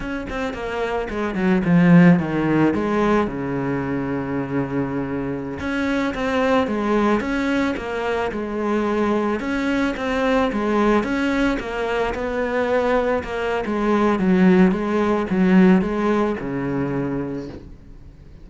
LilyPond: \new Staff \with { instrumentName = "cello" } { \time 4/4 \tempo 4 = 110 cis'8 c'8 ais4 gis8 fis8 f4 | dis4 gis4 cis2~ | cis2~ cis16 cis'4 c'8.~ | c'16 gis4 cis'4 ais4 gis8.~ |
gis4~ gis16 cis'4 c'4 gis8.~ | gis16 cis'4 ais4 b4.~ b16~ | b16 ais8. gis4 fis4 gis4 | fis4 gis4 cis2 | }